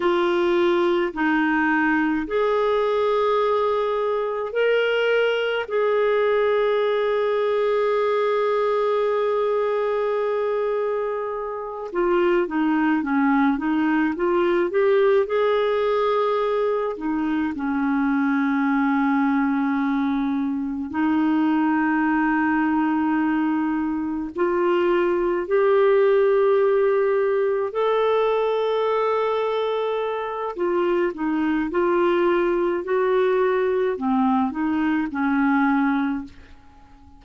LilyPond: \new Staff \with { instrumentName = "clarinet" } { \time 4/4 \tempo 4 = 53 f'4 dis'4 gis'2 | ais'4 gis'2.~ | gis'2~ gis'8 f'8 dis'8 cis'8 | dis'8 f'8 g'8 gis'4. dis'8 cis'8~ |
cis'2~ cis'8 dis'4.~ | dis'4. f'4 g'4.~ | g'8 a'2~ a'8 f'8 dis'8 | f'4 fis'4 c'8 dis'8 cis'4 | }